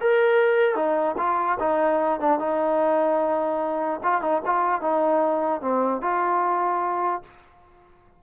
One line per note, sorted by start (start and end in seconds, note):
0.00 0.75 A#4
0.75 1.15 D#4
1.17 1.57 F4
1.59 2.19 D#4
2.20 2.39 D4
2.39 4.00 D#4
4.03 4.21 F4
4.21 4.41 D#4
4.45 4.81 F4
4.81 5.61 D#4
5.61 6.01 C4
6.01 7.22 F4